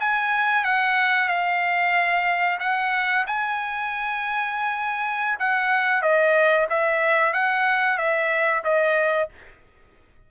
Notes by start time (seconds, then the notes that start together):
0.00 G#5
0.64 F#5
1.29 F5
2.60 F#5
3.27 G#5
5.39 F#5
6.02 D#5
6.70 E5
7.33 F#5
7.98 E5
8.64 D#5